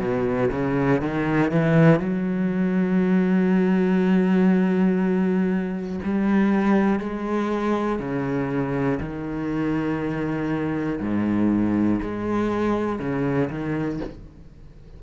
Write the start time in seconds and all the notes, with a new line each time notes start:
0.00 B2
0.51 C#3
1.01 D#3
1.51 E3
2.00 F#3
6.04 G3
7.00 G#3
8.00 C#3
9.00 D#3
11.00 G#2
12.01 G#3
13.00 C#3
13.50 D#3